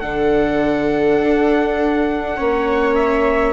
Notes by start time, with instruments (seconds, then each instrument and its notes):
0.00 bassoon D3, viola D4 A4, trumpet F#5
1.21 bassoon D4
2.36 bassoon A#3, viola C#4 C#5
2.95 trumpet E5